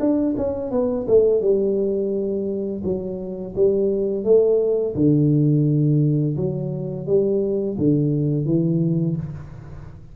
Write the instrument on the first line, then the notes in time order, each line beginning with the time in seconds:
tuba
0.00 D4
0.38 C#4
0.71 B3
1.08 A3
1.41 G3
2.84 F#3
3.56 G3
4.24 A3
4.95 D3
6.37 F#3
7.07 G3
7.78 D3
8.46 E3